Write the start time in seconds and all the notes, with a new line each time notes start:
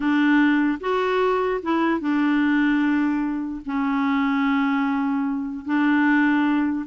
0.00 D4
0.80 F#4
1.62 E4
2.00 D4
3.65 C#4
5.65 D4